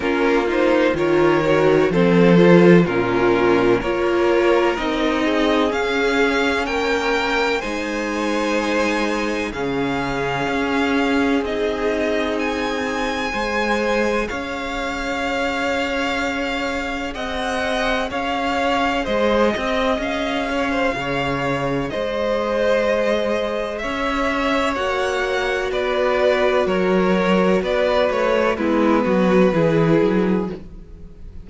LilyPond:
<<
  \new Staff \with { instrumentName = "violin" } { \time 4/4 \tempo 4 = 63 ais'8 c''8 cis''4 c''4 ais'4 | cis''4 dis''4 f''4 g''4 | gis''2 f''2 | dis''4 gis''2 f''4~ |
f''2 fis''4 f''4 | dis''4 f''2 dis''4~ | dis''4 e''4 fis''4 d''4 | cis''4 d''8 cis''8 b'2 | }
  \new Staff \with { instrumentName = "violin" } { \time 4/4 f'4 ais'4 a'4 f'4 | ais'4. gis'4. ais'4 | c''2 gis'2~ | gis'2 c''4 cis''4~ |
cis''2 dis''4 cis''4 | c''8 dis''4 cis''16 c''16 cis''4 c''4~ | c''4 cis''2 b'4 | ais'4 b'4 e'8 fis'8 gis'4 | }
  \new Staff \with { instrumentName = "viola" } { \time 4/4 cis'8 dis'8 f'8 fis'8 c'8 f'8 cis'4 | f'4 dis'4 cis'2 | dis'2 cis'2 | dis'2 gis'2~ |
gis'1~ | gis'1~ | gis'2 fis'2~ | fis'2 b4 e'4 | }
  \new Staff \with { instrumentName = "cello" } { \time 4/4 ais4 dis4 f4 ais,4 | ais4 c'4 cis'4 ais4 | gis2 cis4 cis'4 | c'2 gis4 cis'4~ |
cis'2 c'4 cis'4 | gis8 c'8 cis'4 cis4 gis4~ | gis4 cis'4 ais4 b4 | fis4 b8 a8 gis8 fis8 e8 fis8 | }
>>